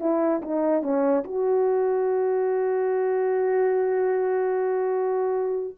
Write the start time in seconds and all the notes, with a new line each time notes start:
0.00 E4
0.42 D#4
0.82 C#4
1.24 F#4